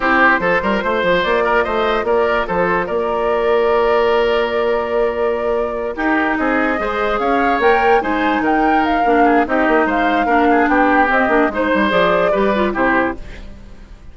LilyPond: <<
  \new Staff \with { instrumentName = "flute" } { \time 4/4 \tempo 4 = 146 c''2. d''4 | dis''4 d''4 c''4 d''4~ | d''1~ | d''2~ d''8 ais'4 dis''8~ |
dis''4. f''4 g''4 gis''8~ | gis''8 g''4 f''4. dis''4 | f''2 g''4 dis''4 | c''4 d''2 c''4 | }
  \new Staff \with { instrumentName = "oboe" } { \time 4/4 g'4 a'8 ais'8 c''4. ais'8 | c''4 ais'4 a'4 ais'4~ | ais'1~ | ais'2~ ais'8 g'4 gis'8~ |
gis'8 c''4 cis''2 c''8~ | c''8 ais'2 gis'8 g'4 | c''4 ais'8 gis'8 g'2 | c''2 b'4 g'4 | }
  \new Staff \with { instrumentName = "clarinet" } { \time 4/4 e'4 f'2.~ | f'1~ | f'1~ | f'2~ f'8 dis'4.~ |
dis'8 gis'2 ais'4 dis'8~ | dis'2 d'4 dis'4~ | dis'4 d'2 c'8 d'8 | dis'4 gis'4 g'8 f'8 e'4 | }
  \new Staff \with { instrumentName = "bassoon" } { \time 4/4 c'4 f8 g8 a8 f8 ais4 | a4 ais4 f4 ais4~ | ais1~ | ais2~ ais8 dis'4 c'8~ |
c'8 gis4 cis'4 ais4 gis8~ | gis8 dis4. ais4 c'8 ais8 | gis4 ais4 b4 c'8 ais8 | gis8 g8 f4 g4 c4 | }
>>